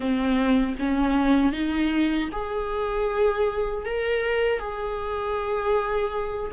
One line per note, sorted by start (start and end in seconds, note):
0.00 0.75 C4
0.79 1.52 C#4
1.52 2.29 D#4
2.31 3.85 G#4
3.85 4.59 A#4
4.59 6.51 G#4